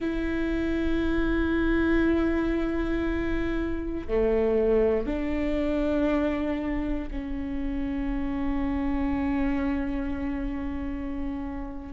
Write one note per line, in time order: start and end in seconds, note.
0.00 4.07 E4
4.07 5.06 A3
5.06 7.09 D4
7.10 11.92 C#4